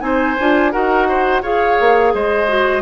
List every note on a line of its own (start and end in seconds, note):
0.00 0.36 C4
0.00 0.35 D#4
0.00 0.72 C5
0.00 0.71 G#5
0.40 0.74 D4
0.40 0.72 F4
0.71 1.42 D#4
0.71 1.42 F#4
0.71 1.07 A#4
0.71 1.42 F#5
1.08 1.42 C5
1.42 1.77 F4
1.42 2.47 G#4
1.42 2.12 C#5
1.42 2.14 F5
1.80 2.14 A#3
2.14 2.81 G#3
2.14 2.81 C5
2.14 2.81 D#5
2.47 2.81 F#4